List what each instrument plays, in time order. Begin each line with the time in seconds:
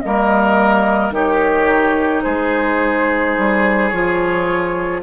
0.00 bassoon G3, clarinet A#3, oboe A#4, flute D#5
1.10 bassoon D#3, clarinet D#4, oboe G4, flute C#5
2.22 bassoon G#3, oboe G#4, flute C5
3.37 bassoon G3
3.89 bassoon F3, clarinet F4, flute C#5